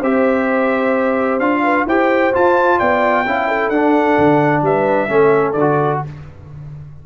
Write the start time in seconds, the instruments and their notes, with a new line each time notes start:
0.00 tuba C4, trombone G4, horn C5, trumpet E5
1.39 tuba D4, trombone F4, trumpet F5
1.63 horn B4
1.86 tuba E4, trombone G4, horn C5, trumpet G5
2.33 trombone F4, tuba F4, trumpet A5
2.78 tuba B3, horn D5, trumpet G5
3.26 tuba C#4, trombone E4, horn F5
3.48 horn A4
3.69 tuba D4, trombone D4, trumpet F#5
4.18 tuba D3
4.62 tuba G3, horn B4, trumpet E5
5.08 tuba A3, trombone C#4, horn A4
5.52 tuba D3, trumpet D5
5.60 trombone F#4